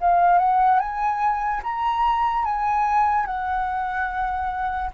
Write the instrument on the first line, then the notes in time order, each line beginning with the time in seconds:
flute
0.00 F5
0.38 F#5
0.79 G#5
1.63 A#5
2.44 G#5
3.25 F#5